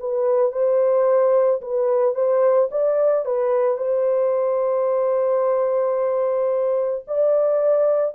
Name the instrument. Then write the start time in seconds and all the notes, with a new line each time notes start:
horn
0.00 B4
0.52 C5
1.62 B4
2.15 C5
2.71 D5
3.25 B4
3.77 C5
7.07 D5